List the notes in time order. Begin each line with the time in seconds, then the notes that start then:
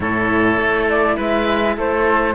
0.00 A2 E4 A4 C#5
0.57 A3
0.88 D5
1.16 G#3 B4 E5
1.77 A3 A4 C5